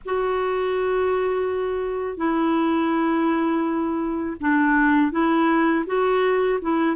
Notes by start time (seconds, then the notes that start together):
0.05 F#4
2.17 E4
4.40 D4
5.11 E4
5.86 F#4
6.61 E4